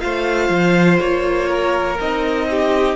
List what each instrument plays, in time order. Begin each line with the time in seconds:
0.00 cello A3, viola F4, violin C5 F5
0.50 cello F3
1.00 cello A#3, violin C#5
1.49 violin A#4
2.00 cello C4, viola D#4, violin D#5
2.51 violin G4